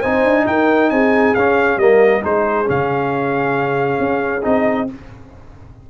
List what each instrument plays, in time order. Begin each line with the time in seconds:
0.00 tuba C4, trombone D#4, horn C5, trumpet G#5
0.24 tuba D4
0.47 tuba D#4, horn A#4, trumpet G5
0.91 tuba C4, horn G#4, trumpet G#5
1.35 tuba C#4, trombone C#4, trumpet F5
1.77 tuba G3, trombone A#3, horn A#4, trumpet D#5
2.23 tuba G#3, trombone D#4, horn G#4, trumpet C5
2.66 tuba C#3, trombone C#4, trumpet F5
4.00 tuba C#4
4.43 tuba C4, trombone D#4, trumpet D#5